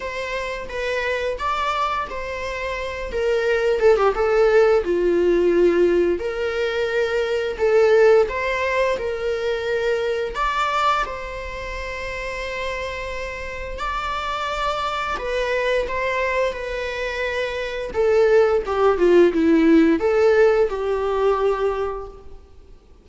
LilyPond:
\new Staff \with { instrumentName = "viola" } { \time 4/4 \tempo 4 = 87 c''4 b'4 d''4 c''4~ | c''8 ais'4 a'16 g'16 a'4 f'4~ | f'4 ais'2 a'4 | c''4 ais'2 d''4 |
c''1 | d''2 b'4 c''4 | b'2 a'4 g'8 f'8 | e'4 a'4 g'2 | }